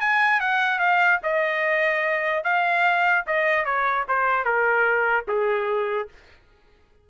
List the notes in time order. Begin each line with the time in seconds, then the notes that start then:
0.00 G#5
0.40 F#5
0.79 F5
1.23 D#5
2.44 F5
3.27 D#5
3.65 C#5
4.08 C5
4.44 A#4
5.28 G#4